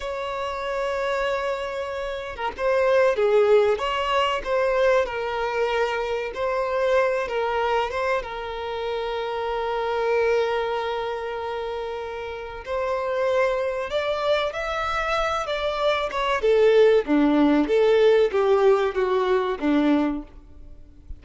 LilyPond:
\new Staff \with { instrumentName = "violin" } { \time 4/4 \tempo 4 = 95 cis''2.~ cis''8. ais'16 | c''4 gis'4 cis''4 c''4 | ais'2 c''4. ais'8~ | ais'8 c''8 ais'2.~ |
ais'1 | c''2 d''4 e''4~ | e''8 d''4 cis''8 a'4 d'4 | a'4 g'4 fis'4 d'4 | }